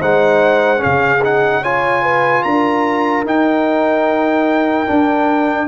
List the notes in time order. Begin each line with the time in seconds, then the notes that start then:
0.00 G#3 D#4 C5 F#5
0.78 C#4 G#4 F5
0.85 C#3
1.24 D#4 F#5
1.62 F4 C#5 G#5
2.03 B4
2.43 D4 A#4 A#5
3.26 D#4 G5
4.87 D4